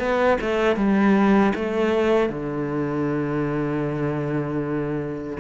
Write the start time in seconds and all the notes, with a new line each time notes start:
0.00 B3
0.41 A3
0.77 G3
1.56 A3
2.30 D3